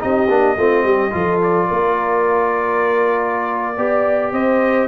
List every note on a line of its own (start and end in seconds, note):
0.00 0.29 C4
0.00 0.28 D#4
0.00 0.57 G4
0.00 1.41 D#5
0.29 0.56 A#3
0.29 0.57 D4
0.57 0.84 A3
0.57 1.11 C4
0.57 0.85 F4
0.84 1.12 G3
0.84 1.13 G4
1.11 1.70 F3
1.11 3.75 F4
1.11 1.68 A4
1.43 4.33 D5
1.68 3.78 A#3
1.68 3.76 A#4
3.77 4.33 B3
3.77 4.88 G4
3.77 4.32 D5
4.32 4.88 C4
4.32 4.88 C5
4.32 4.88 D#5